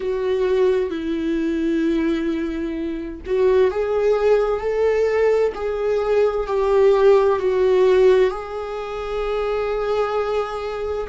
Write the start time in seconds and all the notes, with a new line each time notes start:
0.00 F#4
0.90 E4
3.26 F#4
3.70 G#4
4.60 A4
5.54 G#4
6.47 G4
7.38 F#4
8.30 G#4